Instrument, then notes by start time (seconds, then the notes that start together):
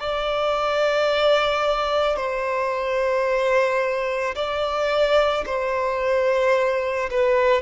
violin
0.00 D5
2.17 C5
4.35 D5
5.46 C5
7.11 B4